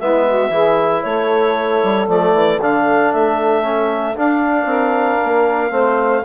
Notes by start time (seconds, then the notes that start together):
0.00 G#3 B3 E4 E5
0.27 F#4
0.50 E3 E4 G#4
1.03 A3 A4 C#5
1.84 G3
2.07 F3 A3 D5
2.33 E3
2.60 D3 D4 F5
3.13 A3 E5
3.63 C#4
4.16 D4 F5
4.65 C4 A#4
5.24 A#3
5.71 A3 C4 C5